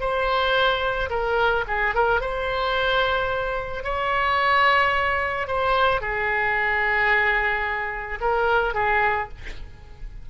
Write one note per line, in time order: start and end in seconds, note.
0.00 1.09 C5
1.10 1.64 A#4
1.67 1.94 G#4
1.94 2.20 A#4
2.20 3.83 C5
3.83 5.47 C#5
5.47 6.00 C5
6.00 8.19 G#4
8.20 8.74 A#4
8.74 9.28 G#4